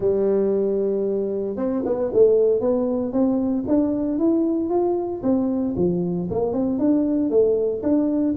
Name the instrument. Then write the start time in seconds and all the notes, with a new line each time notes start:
tuba
0.00 G3
1.56 C4
1.85 B3
2.13 A3
2.60 B3
3.12 C4
3.67 D4
4.18 E4
4.69 F4
5.22 C4
5.76 F3
6.30 A#3
6.52 C4
6.78 D4
7.29 A3
7.82 D4